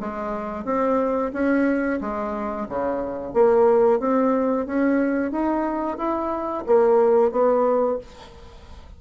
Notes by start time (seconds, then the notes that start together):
0.00 G#3
0.65 C4
1.34 C#4
2.01 G#3
2.69 C#3
3.34 A#3
4.00 C4
4.67 C#4
5.32 D#4
5.98 E4
6.67 A#3
7.32 B3